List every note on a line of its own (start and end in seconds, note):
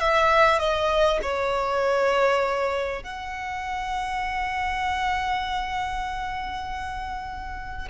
0.00 0.59 E5
0.59 1.20 D#5
1.22 3.03 C#5
3.03 7.88 F#5